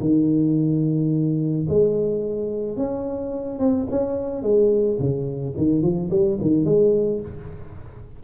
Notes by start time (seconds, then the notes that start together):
0.00 D#3
1.69 G#3
2.77 C#4
3.59 C4
3.90 C#4
4.42 G#3
4.99 C#3
5.57 D#3
5.82 F3
6.10 G3
6.41 D#3
6.65 G#3